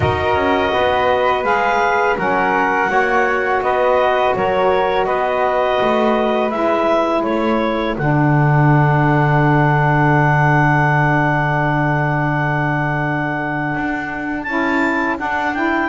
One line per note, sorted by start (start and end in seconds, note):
0.00 0.35 D#4
0.00 1.43 F#4
0.00 0.73 A#4
0.00 1.44 D#5
0.35 0.71 C#4
0.73 1.43 B3
0.73 2.17 B4
1.43 2.16 G#3
1.43 2.16 G#4
1.43 2.17 F5
2.17 2.88 F#3
2.17 2.88 C#4
2.17 2.89 A#4
2.17 3.62 F#5
2.88 3.61 A#3
2.88 6.49 F#4
2.88 3.62 C#5
3.61 4.33 B3
3.61 4.35 B4
3.61 4.34 D#5
4.35 5.07 F#3
4.35 5.06 A#4
4.35 5.05 C#5
5.05 5.79 B3
5.05 7.22 B4
5.05 6.50 D#5
5.80 6.52 A3
6.50 7.24 G#3
6.50 7.95 E4
6.50 7.22 E5
7.22 7.96 A3
7.22 15.89 A4
7.22 7.95 C#5
7.98 13.74 D3
7.98 14.47 D4
7.98 14.43 F#5
13.74 14.46 D4
14.43 15.18 C#4
14.43 15.17 E4
14.43 15.15 A5
15.17 15.53 D4
15.17 15.89 D4
15.17 15.54 F#5
15.54 15.89 E4
15.54 15.89 G5